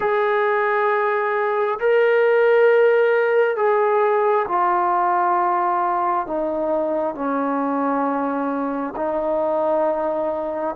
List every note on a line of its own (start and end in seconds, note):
0.00 1.79 G#4
1.79 3.56 A#4
3.56 4.46 G#4
4.48 6.26 F4
6.26 7.14 D#4
7.14 8.93 C#4
8.96 10.75 D#4